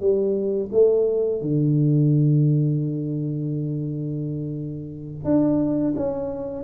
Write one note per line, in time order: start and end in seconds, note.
0.00 0.70 G3
0.72 1.41 A3
1.41 5.24 D3
5.24 5.94 D4
5.96 6.63 C#4